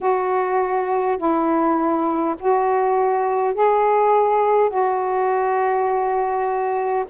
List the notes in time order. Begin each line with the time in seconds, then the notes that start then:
0.01 F#4
1.17 E4
2.39 F#4
3.54 G#4
4.69 F#4